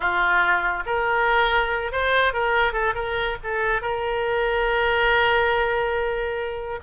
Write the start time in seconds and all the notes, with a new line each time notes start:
0.00 F4
0.86 A#4
1.91 C5
2.33 A#4
2.72 A4
2.94 A#4
3.43 A4
3.81 A#4